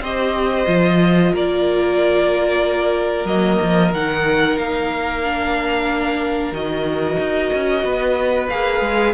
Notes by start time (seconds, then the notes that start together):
0.00 C4 G4 C5 D#5
0.66 F3 F4
1.33 A#3 A#4 D5
3.25 F#3 A#3 D#5
3.62 F3
3.92 D#3 D#4 F#5
4.57 A#3 F5
5.24 D4
6.52 D#3 F#4 D#5
7.19 D#4
7.54 C#4
7.84 B3 B4
8.49 A#3 G#4 F5
8.81 G#3